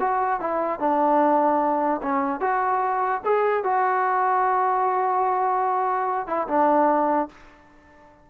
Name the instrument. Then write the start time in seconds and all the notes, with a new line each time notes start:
trombone
0.00 F#4
0.41 E4
0.80 D4
2.03 C#4
2.40 F#4
3.25 G#4
3.64 F#4
6.27 E4
6.48 D4